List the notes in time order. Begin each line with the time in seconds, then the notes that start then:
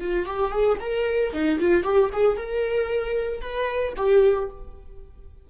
0.00 F4
0.25 G4
0.51 G#4
0.80 A#4
1.33 D#4
1.59 F4
1.83 G4
2.12 G#4
2.37 A#4
3.41 B4
3.96 G4